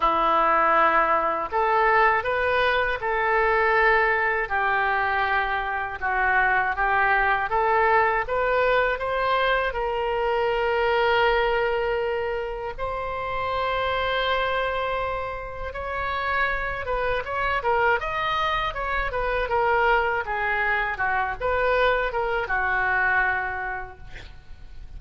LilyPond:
\new Staff \with { instrumentName = "oboe" } { \time 4/4 \tempo 4 = 80 e'2 a'4 b'4 | a'2 g'2 | fis'4 g'4 a'4 b'4 | c''4 ais'2.~ |
ais'4 c''2.~ | c''4 cis''4. b'8 cis''8 ais'8 | dis''4 cis''8 b'8 ais'4 gis'4 | fis'8 b'4 ais'8 fis'2 | }